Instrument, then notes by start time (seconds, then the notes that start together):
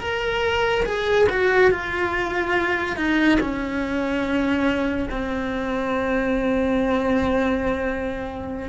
cello
0.00 A#4
0.86 G#4
1.29 F#4
1.71 F4
2.97 D#4
3.40 C#4
5.10 C4